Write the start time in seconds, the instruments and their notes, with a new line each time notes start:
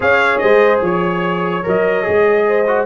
0.00 tuba C#4, trombone G#4, horn C#5, trumpet F5
0.38 tuba G#3, horn C5, trumpet D#5
0.81 tuba F3, horn C#5, trumpet C#5
1.63 tuba F#3, trombone A#4, trumpet D#5
2.02 tuba G#3, trombone G#4
2.47 horn C5
2.67 trombone F#4